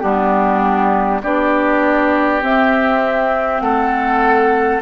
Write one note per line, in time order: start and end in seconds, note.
0.00 1.23 G3
0.00 1.21 B3
0.00 1.21 D4
0.00 1.20 G4
1.23 2.42 B3
1.23 2.42 D4
1.23 3.63 G4
1.23 2.43 D5
2.42 4.81 C4
2.42 3.61 C4
2.42 3.60 E5
3.60 4.81 A3
3.60 4.81 A4
3.60 4.80 F#5